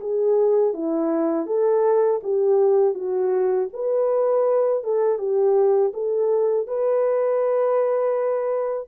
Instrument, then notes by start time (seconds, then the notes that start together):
horn
0.00 G#4
0.73 E4
1.46 A4
2.23 G4
2.94 F#4
3.73 B4
4.84 A4
5.18 G4
5.93 A4
6.67 B4